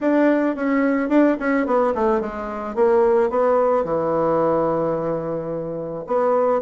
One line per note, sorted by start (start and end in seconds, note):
0.00 0.55 D4
0.55 1.09 C#4
1.09 1.36 D4
1.39 1.66 C#4
1.66 1.93 B3
1.94 2.20 A3
2.20 2.75 G#3
2.75 3.30 A#3
3.30 3.84 B3
3.84 6.04 E3
6.06 6.61 B3